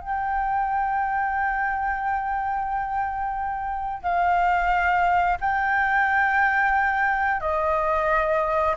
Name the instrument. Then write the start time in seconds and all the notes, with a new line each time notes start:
flute
0.00 G5
4.02 F5
5.40 G5
7.40 D#5